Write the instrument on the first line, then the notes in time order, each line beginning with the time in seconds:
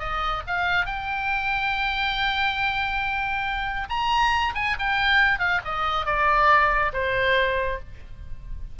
oboe
0.00 D#5
0.47 F5
0.86 G5
3.90 A#5
4.55 G#5
4.80 G5
5.40 F5
5.65 D#5
6.06 D5
6.94 C5